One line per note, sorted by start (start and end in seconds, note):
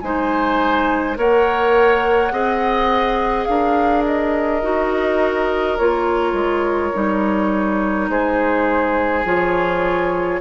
0.00 1.17 G#3
0.00 1.15 D#4
0.00 1.18 C5
0.00 1.15 G#5
1.15 2.31 A#3
1.15 2.31 A#4
1.15 2.32 C#5
1.15 3.45 F#5
2.31 3.46 C4
2.31 4.62 G#4
2.31 3.48 D#5
3.45 4.63 D4
3.45 8.10 A#4
3.45 4.02 F5
4.05 5.77 D#5
4.62 5.78 D#4
4.62 5.77 F#4
5.77 6.33 A#3
5.77 6.93 F4
5.77 8.08 C#5
6.33 6.90 G#3
6.93 8.09 G3
6.93 9.24 D#4
8.09 9.24 G#3
8.09 10.40 G#4
8.09 9.25 C5
9.24 10.40 F3
9.24 10.40 F4
9.24 10.40 C#5